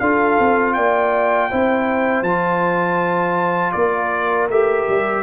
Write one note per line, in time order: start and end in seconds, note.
0.00 0.39 D4
0.00 1.51 F4
0.00 0.75 A4
0.00 0.74 F5
0.40 0.77 C4
0.74 1.52 A#3
0.74 1.50 D5
0.74 2.24 G5
1.50 2.23 C4
1.50 2.26 E4
1.50 3.75 C5
2.23 3.73 F3
2.23 4.51 F4
2.23 3.73 A5
3.73 4.49 A#3
3.73 4.48 D5
3.79 5.23 A#4
4.49 4.87 A3
4.49 5.23 G4
4.49 5.23 E5
4.89 5.23 G3